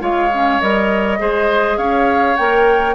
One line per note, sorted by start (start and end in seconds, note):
0.00 0.60 G#3
0.00 0.29 F4
0.00 1.19 C#5
0.00 0.61 F5
0.34 0.61 C#4
0.61 1.20 G3
0.61 1.19 A#4
0.61 1.78 D#5
1.19 1.78 G#3
1.19 2.36 G#4
1.19 1.78 C5
1.78 2.36 C#4
1.78 2.95 C#5
1.78 2.36 F5
2.36 2.95 A#3
2.36 2.95 A#4
2.36 2.95 G5